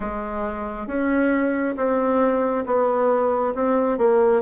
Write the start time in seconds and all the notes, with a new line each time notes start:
0.00 G#3
0.87 C#4
1.76 C4
2.66 B3
3.55 C4
3.98 A#3